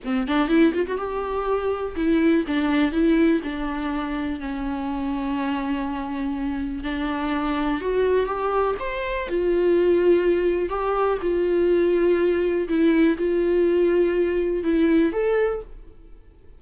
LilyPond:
\new Staff \with { instrumentName = "viola" } { \time 4/4 \tempo 4 = 123 c'8 d'8 e'8 f'16 fis'16 g'2 | e'4 d'4 e'4 d'4~ | d'4 cis'2.~ | cis'2 d'2 |
fis'4 g'4 c''4 f'4~ | f'2 g'4 f'4~ | f'2 e'4 f'4~ | f'2 e'4 a'4 | }